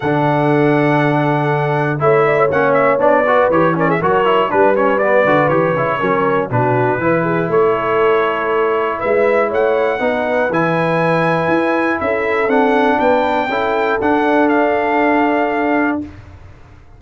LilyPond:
<<
  \new Staff \with { instrumentName = "trumpet" } { \time 4/4 \tempo 4 = 120 fis''1 | e''4 fis''8 e''8 d''4 cis''8 d''16 e''16 | cis''4 b'8 cis''8 d''4 cis''4~ | cis''4 b'2 cis''4~ |
cis''2 e''4 fis''4~ | fis''4 gis''2. | e''4 fis''4 g''2 | fis''4 f''2. | }
  \new Staff \with { instrumentName = "horn" } { \time 4/4 a'1 | cis''8 d''16 cis''4.~ cis''16 b'4 ais'16 gis'16 | ais'4 b'2. | ais'4 fis'4 b'8 gis'8 a'4~ |
a'2 b'4 cis''4 | b'1 | a'2 b'4 a'4~ | a'1 | }
  \new Staff \with { instrumentName = "trombone" } { \time 4/4 d'1 | e'4 cis'4 d'8 fis'8 g'8 cis'8 | fis'8 e'8 d'8 cis'8 b8 fis'8 g'8 e'8 | cis'4 d'4 e'2~ |
e'1 | dis'4 e'2.~ | e'4 d'2 e'4 | d'1 | }
  \new Staff \with { instrumentName = "tuba" } { \time 4/4 d1 | a4 ais4 b4 e4 | fis4 g4. d8 e8 cis8 | fis4 b,4 e4 a4~ |
a2 gis4 a4 | b4 e2 e'4 | cis'4 c'4 b4 cis'4 | d'1 | }
>>